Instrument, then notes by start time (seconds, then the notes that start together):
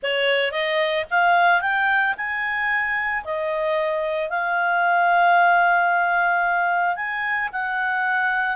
clarinet
0.03 C#5
0.51 D#5
1.10 F5
1.61 G5
2.17 G#5
3.24 D#5
4.29 F5
6.95 G#5
7.52 F#5